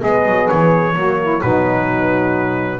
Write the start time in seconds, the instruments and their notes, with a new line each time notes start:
0.00 double bass G#3, horn B3, saxophone G#4, trumpet D#5
0.26 double bass F#3
0.49 double bass E3, trumpet C#5
0.95 double bass F#3, horn A#3, saxophone F#4
1.21 saxophone E4
1.41 double bass B2, horn F#3, saxophone D#4, trumpet B4